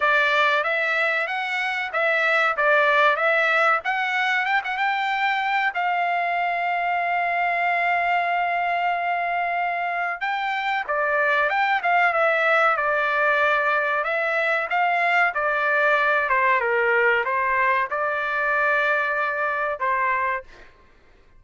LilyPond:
\new Staff \with { instrumentName = "trumpet" } { \time 4/4 \tempo 4 = 94 d''4 e''4 fis''4 e''4 | d''4 e''4 fis''4 g''16 fis''16 g''8~ | g''4 f''2.~ | f''1 |
g''4 d''4 g''8 f''8 e''4 | d''2 e''4 f''4 | d''4. c''8 ais'4 c''4 | d''2. c''4 | }